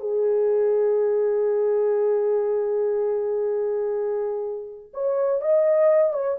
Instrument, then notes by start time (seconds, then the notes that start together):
horn
0.00 G#4
4.93 C#5
5.41 D#5
6.13 C#5